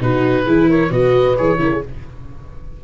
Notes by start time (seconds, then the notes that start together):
0.00 B2 D#4 F#4 B4
0.45 E3 E4 G#4
0.68 A#4 C#5
0.90 B2 F#4 B4 D#5
1.37 E3 G#4 C#5
1.58 C#3 E4 A#4
1.73 G#4